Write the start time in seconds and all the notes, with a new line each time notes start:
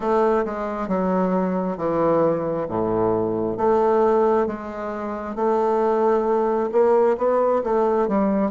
0.00 A3
0.45 G#3
0.88 F#3
1.77 E3
2.68 A2
3.57 A3
4.47 G#3
5.35 A3
6.72 A#3
7.17 B3
7.63 A3
8.08 G3